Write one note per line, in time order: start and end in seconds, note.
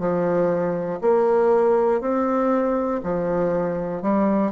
0.00 1.00 F3
1.01 2.01 A#3
2.01 3.01 C4
3.03 4.03 F3
4.03 4.52 G3